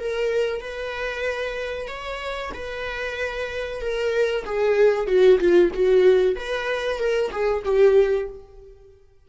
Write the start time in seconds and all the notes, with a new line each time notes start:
0.00 A#4
0.61 B4
1.88 C#5
2.54 B4
3.81 A#4
4.46 G#4
5.08 F#4
5.40 F4
5.74 F#4
6.36 B4
6.99 A#4
7.32 G#4
7.65 G4